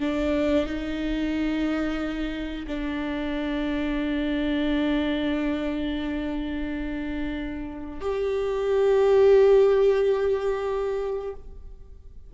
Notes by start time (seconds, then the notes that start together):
0.00 D4
0.66 D#4
2.68 D4
8.01 G4